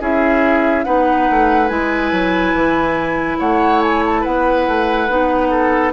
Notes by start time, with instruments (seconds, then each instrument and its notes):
0.00 bassoon C#4, clarinet E4, oboe G#4, flute E5
0.84 bassoon B3, clarinet D#4, oboe B4, flute F#5
1.30 bassoon A3
1.68 bassoon G#3, clarinet E4, flute G#5
2.11 bassoon F#3
2.53 bassoon E3
3.39 bassoon A3, oboe C#5, flute F#5
3.82 flute G#5
4.05 flute A5
4.21 bassoon B3, oboe B4, flute F#5
4.67 bassoon A3
5.09 bassoon B3, clarinet D#4
5.50 oboe A4